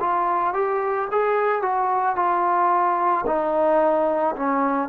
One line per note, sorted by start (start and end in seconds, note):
0.00 0.53 F4
0.53 1.08 G4
1.11 1.62 G#4
1.62 2.15 F#4
2.15 3.24 F4
3.26 4.35 D#4
4.36 4.88 C#4